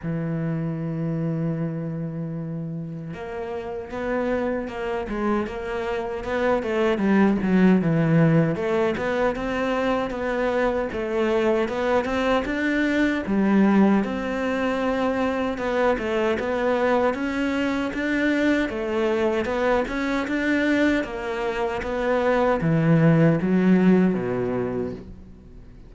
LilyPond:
\new Staff \with { instrumentName = "cello" } { \time 4/4 \tempo 4 = 77 e1 | ais4 b4 ais8 gis8 ais4 | b8 a8 g8 fis8 e4 a8 b8 | c'4 b4 a4 b8 c'8 |
d'4 g4 c'2 | b8 a8 b4 cis'4 d'4 | a4 b8 cis'8 d'4 ais4 | b4 e4 fis4 b,4 | }